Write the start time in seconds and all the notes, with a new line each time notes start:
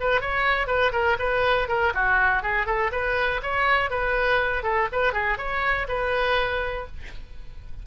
0.00 B4
0.21 C#5
0.67 B4
0.92 A#4
1.19 B4
1.68 A#4
1.94 F#4
2.43 G#4
2.66 A4
2.92 B4
3.42 C#5
3.90 B4
4.63 A4
4.92 B4
5.13 G#4
5.37 C#5
5.88 B4